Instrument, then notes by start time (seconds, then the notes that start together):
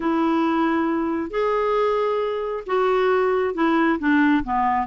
clarinet
0.00 E4
1.30 G#4
2.66 F#4
3.54 E4
3.99 D4
4.43 B3